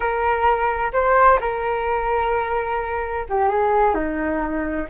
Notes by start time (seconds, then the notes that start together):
0.00 A#4
0.92 C5
1.40 A#4
3.29 G4
3.48 G#4
3.94 D#4